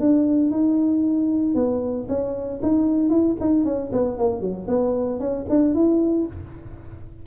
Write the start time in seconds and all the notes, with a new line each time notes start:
0.00 D4
0.51 D#4
1.55 B3
2.08 C#4
2.63 D#4
3.10 E4
3.41 D#4
3.65 C#4
3.93 B3
4.18 A#3
4.41 F#3
4.68 B3
5.20 C#4
5.49 D4
5.74 E4